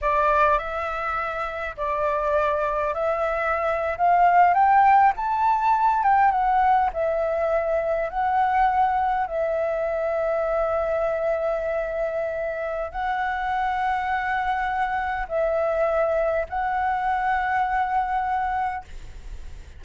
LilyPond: \new Staff \with { instrumentName = "flute" } { \time 4/4 \tempo 4 = 102 d''4 e''2 d''4~ | d''4 e''4.~ e''16 f''4 g''16~ | g''8. a''4. g''8 fis''4 e''16~ | e''4.~ e''16 fis''2 e''16~ |
e''1~ | e''2 fis''2~ | fis''2 e''2 | fis''1 | }